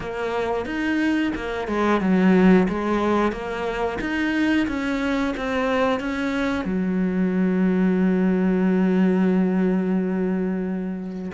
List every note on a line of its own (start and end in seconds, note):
0.00 0.65 A#3
0.65 1.32 D#4
1.35 1.67 A#3
1.67 2.00 G#3
2.00 2.67 F#3
2.68 3.32 G#3
3.32 3.98 A#3
4.00 4.67 D#4
4.67 5.34 C#4
5.37 6.00 C4
6.00 6.65 C#4
6.65 11.31 F#3